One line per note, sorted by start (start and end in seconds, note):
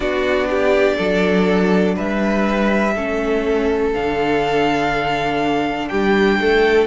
0.00 0.95 B3
0.00 2.95 D4
0.00 0.47 F#4
0.00 1.95 D5
0.50 0.96 G4
0.96 1.97 F#3
0.96 1.94 A4
1.95 2.96 G3
1.95 2.94 B4
1.95 3.93 E5
2.94 3.94 A3
2.94 3.93 C#4
2.94 5.89 A4
3.93 5.91 D3
3.93 6.87 D4
3.93 5.88 F5
5.88 6.39 G3
5.88 6.39 G4
5.88 6.86 G5
6.39 6.87 A3
6.39 6.87 A4